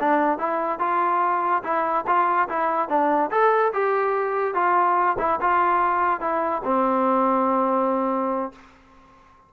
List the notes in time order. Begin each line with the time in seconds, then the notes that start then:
0.00 D4
0.39 E4
0.80 F4
1.64 E4
2.07 F4
2.49 E4
2.89 D4
3.31 A4
3.73 G4
4.55 F4
5.19 E4
5.41 F4
6.20 E4
6.64 C4